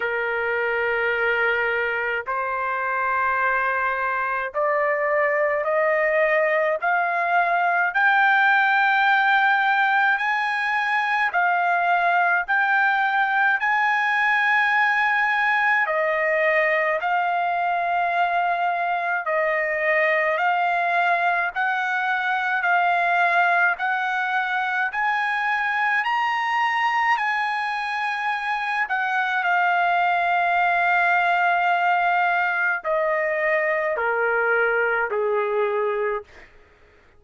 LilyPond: \new Staff \with { instrumentName = "trumpet" } { \time 4/4 \tempo 4 = 53 ais'2 c''2 | d''4 dis''4 f''4 g''4~ | g''4 gis''4 f''4 g''4 | gis''2 dis''4 f''4~ |
f''4 dis''4 f''4 fis''4 | f''4 fis''4 gis''4 ais''4 | gis''4. fis''8 f''2~ | f''4 dis''4 ais'4 gis'4 | }